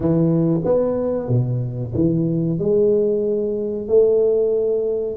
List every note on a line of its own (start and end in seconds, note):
0.00 0.61 E3
0.64 1.28 B3
1.28 1.92 B2
1.94 2.58 E3
2.58 3.87 G#3
3.87 5.16 A3